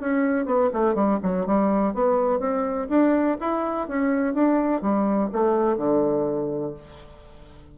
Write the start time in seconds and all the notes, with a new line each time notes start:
0.00 C#4
0.46 B3
0.73 A3
0.95 G3
1.23 F#3
1.47 G3
1.94 B3
2.40 C4
2.89 D4
3.41 E4
3.88 C#4
4.34 D4
4.82 G3
5.32 A3
5.77 D3